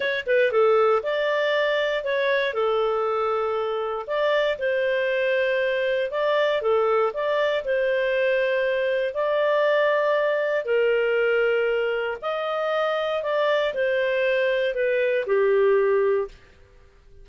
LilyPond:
\new Staff \with { instrumentName = "clarinet" } { \time 4/4 \tempo 4 = 118 cis''8 b'8 a'4 d''2 | cis''4 a'2. | d''4 c''2. | d''4 a'4 d''4 c''4~ |
c''2 d''2~ | d''4 ais'2. | dis''2 d''4 c''4~ | c''4 b'4 g'2 | }